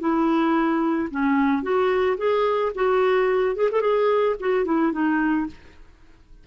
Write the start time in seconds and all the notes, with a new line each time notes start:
0.00 E4
1.11 C#4
1.63 F#4
2.18 G#4
2.75 F#4
3.56 G#4
3.72 A4
3.81 G#4
4.40 F#4
4.65 E4
4.93 D#4